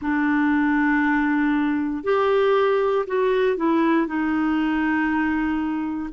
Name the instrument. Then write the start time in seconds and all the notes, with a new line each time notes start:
clarinet
0.01 D4
2.03 G4
3.06 F#4
3.56 E4
4.06 D#4